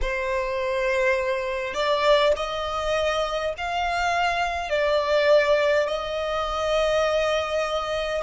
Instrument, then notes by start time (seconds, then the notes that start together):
violin
0.01 C5
1.73 D5
2.36 D#5
3.57 F5
4.70 D5
5.87 D#5